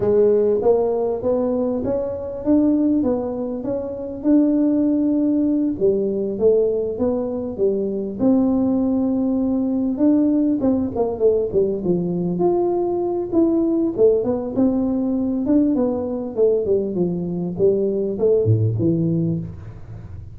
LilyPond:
\new Staff \with { instrumentName = "tuba" } { \time 4/4 \tempo 4 = 99 gis4 ais4 b4 cis'4 | d'4 b4 cis'4 d'4~ | d'4. g4 a4 b8~ | b8 g4 c'2~ c'8~ |
c'8 d'4 c'8 ais8 a8 g8 f8~ | f8 f'4. e'4 a8 b8 | c'4. d'8 b4 a8 g8 | f4 g4 a8 a,8 e4 | }